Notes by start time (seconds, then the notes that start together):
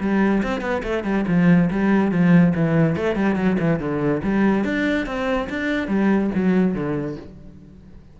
0.00 G3
0.43 C4
0.61 B3
0.83 A3
1.04 G3
1.27 F3
1.70 G3
2.11 F3
2.55 E3
2.96 A3
3.16 G3
3.35 F#3
3.59 E3
3.79 D3
4.23 G3
4.64 D4
5.06 C4
5.49 D4
5.88 G3
6.34 F#3
6.74 D3